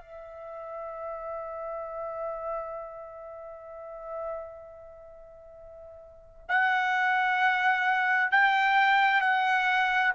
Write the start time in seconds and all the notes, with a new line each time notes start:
0.00 E5
6.49 F#5
8.32 G5
9.21 F#5